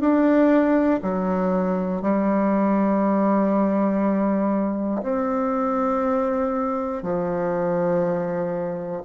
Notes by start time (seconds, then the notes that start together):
0.00 D4
1.02 F#3
2.01 G3
5.02 C4
7.02 F3